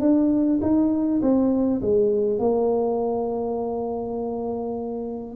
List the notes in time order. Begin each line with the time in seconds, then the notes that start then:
0.00 D4
0.62 D#4
1.22 C4
1.81 G#3
2.39 A#3